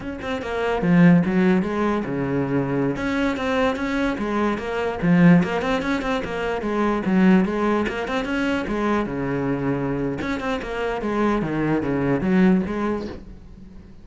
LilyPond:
\new Staff \with { instrumentName = "cello" } { \time 4/4 \tempo 4 = 147 cis'8 c'8 ais4 f4 fis4 | gis4 cis2~ cis16 cis'8.~ | cis'16 c'4 cis'4 gis4 ais8.~ | ais16 f4 ais8 c'8 cis'8 c'8 ais8.~ |
ais16 gis4 fis4 gis4 ais8 c'16~ | c'16 cis'4 gis4 cis4.~ cis16~ | cis4 cis'8 c'8 ais4 gis4 | dis4 cis4 fis4 gis4 | }